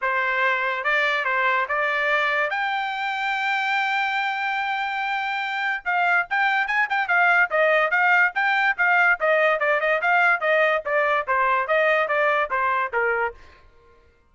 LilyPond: \new Staff \with { instrumentName = "trumpet" } { \time 4/4 \tempo 4 = 144 c''2 d''4 c''4 | d''2 g''2~ | g''1~ | g''2 f''4 g''4 |
gis''8 g''8 f''4 dis''4 f''4 | g''4 f''4 dis''4 d''8 dis''8 | f''4 dis''4 d''4 c''4 | dis''4 d''4 c''4 ais'4 | }